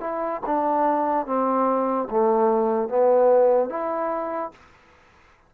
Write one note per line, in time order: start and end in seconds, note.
0.00 0.41 E4
0.46 1.26 D4
1.26 2.08 C4
2.10 2.88 A3
2.88 3.69 B3
3.69 4.51 E4